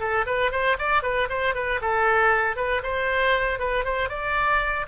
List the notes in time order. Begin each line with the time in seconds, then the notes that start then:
0.00 A4
0.26 B4
0.52 C5
0.79 D5
1.03 B4
1.30 C5
1.55 B4
1.82 A4
2.57 B4
2.83 C5
3.59 B4
3.85 C5
4.09 D5